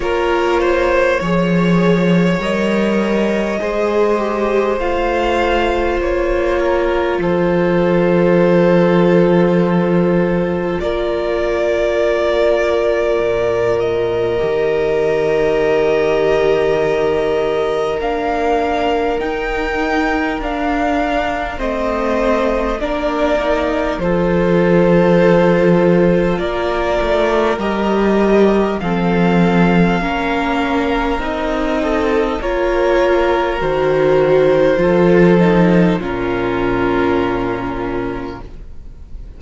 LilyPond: <<
  \new Staff \with { instrumentName = "violin" } { \time 4/4 \tempo 4 = 50 cis''2 dis''2 | f''4 cis''4 c''2~ | c''4 d''2~ d''8 dis''8~ | dis''2. f''4 |
g''4 f''4 dis''4 d''4 | c''2 d''4 dis''4 | f''2 dis''4 cis''4 | c''2 ais'2 | }
  \new Staff \with { instrumentName = "violin" } { \time 4/4 ais'8 c''8 cis''2 c''4~ | c''4. ais'8 a'2~ | a'4 ais'2.~ | ais'1~ |
ais'2 c''4 ais'4 | a'2 ais'2 | a'4 ais'4. a'8 ais'4~ | ais'4 a'4 f'2 | }
  \new Staff \with { instrumentName = "viola" } { \time 4/4 f'4 gis'4 ais'4 gis'8 g'8 | f'1~ | f'1 | g'2. d'4 |
dis'4 d'4 c'4 d'8 dis'8 | f'2. g'4 | c'4 cis'4 dis'4 f'4 | fis'4 f'8 dis'8 cis'2 | }
  \new Staff \with { instrumentName = "cello" } { \time 4/4 ais4 f4 g4 gis4 | a4 ais4 f2~ | f4 ais2 ais,4 | dis2. ais4 |
dis'4 d'4 a4 ais4 | f2 ais8 a8 g4 | f4 ais4 c'4 ais4 | dis4 f4 ais,2 | }
>>